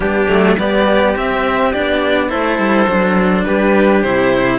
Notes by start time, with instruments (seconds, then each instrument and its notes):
0.00 cello G3 B3, trumpet D4, violin G4
0.27 cello F#3 A3
0.58 cello G3 B3, trumpet G4, violin D5
1.15 cello C4, violin E5
1.73 cello B3 D4, violin D5
2.28 cello A3 E4, trumpet A4, violin C5
2.58 cello G3
2.87 cello F#3 D4
3.44 cello G3, trumpet G4, violin B4
4.02 cello C3 E4, violin C5